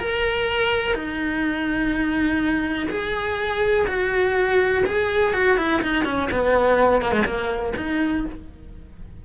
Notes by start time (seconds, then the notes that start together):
0.00 A#4
0.95 D#4
2.90 G#4
3.88 F#4
4.86 G#4
5.34 F#4
5.58 E4
5.83 D#4
6.05 C#4
6.32 B3
7.02 A#3
7.12 G#3
7.25 A#3
7.77 D#4